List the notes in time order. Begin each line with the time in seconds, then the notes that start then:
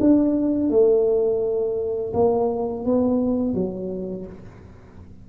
0.00 D4
0.70 A3
2.13 A#3
2.85 B3
3.54 F#3